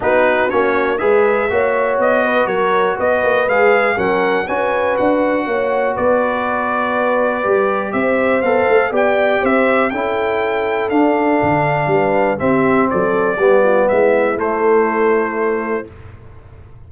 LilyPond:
<<
  \new Staff \with { instrumentName = "trumpet" } { \time 4/4 \tempo 4 = 121 b'4 cis''4 e''2 | dis''4 cis''4 dis''4 f''4 | fis''4 gis''4 fis''2 | d''1 |
e''4 f''4 g''4 e''4 | g''2 f''2~ | f''4 e''4 d''2 | e''4 c''2. | }
  \new Staff \with { instrumentName = "horn" } { \time 4/4 fis'2 b'4 cis''4~ | cis''8 b'8 ais'4 b'2 | ais'4 b'2 cis''4 | b'1 |
c''2 d''4 c''4 | a'1 | b'4 g'4 a'4 g'8 f'8 | e'1 | }
  \new Staff \with { instrumentName = "trombone" } { \time 4/4 dis'4 cis'4 gis'4 fis'4~ | fis'2. gis'4 | cis'4 fis'2.~ | fis'2. g'4~ |
g'4 a'4 g'2 | e'2 d'2~ | d'4 c'2 b4~ | b4 a2. | }
  \new Staff \with { instrumentName = "tuba" } { \time 4/4 b4 ais4 gis4 ais4 | b4 fis4 b8 ais8 gis4 | fis4 cis'4 d'4 ais4 | b2. g4 |
c'4 b8 a8 b4 c'4 | cis'2 d'4 d4 | g4 c'4 fis4 g4 | gis4 a2. | }
>>